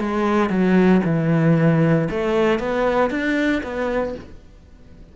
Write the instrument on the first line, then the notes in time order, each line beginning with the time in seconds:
cello
0.00 G#3
0.50 F#3
1.05 E3
2.10 A3
2.59 B3
3.10 D4
3.63 B3